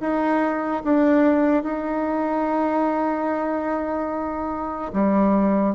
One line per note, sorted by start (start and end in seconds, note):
0.00 0.82 D#4
0.84 1.63 D4
1.63 4.92 D#4
4.93 5.75 G3